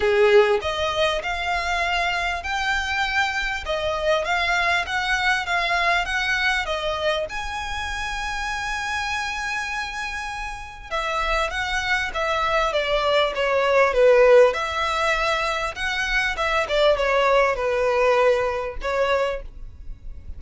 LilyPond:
\new Staff \with { instrumentName = "violin" } { \time 4/4 \tempo 4 = 99 gis'4 dis''4 f''2 | g''2 dis''4 f''4 | fis''4 f''4 fis''4 dis''4 | gis''1~ |
gis''2 e''4 fis''4 | e''4 d''4 cis''4 b'4 | e''2 fis''4 e''8 d''8 | cis''4 b'2 cis''4 | }